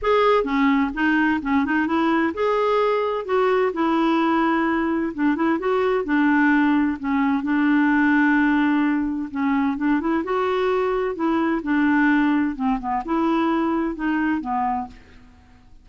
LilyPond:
\new Staff \with { instrumentName = "clarinet" } { \time 4/4 \tempo 4 = 129 gis'4 cis'4 dis'4 cis'8 dis'8 | e'4 gis'2 fis'4 | e'2. d'8 e'8 | fis'4 d'2 cis'4 |
d'1 | cis'4 d'8 e'8 fis'2 | e'4 d'2 c'8 b8 | e'2 dis'4 b4 | }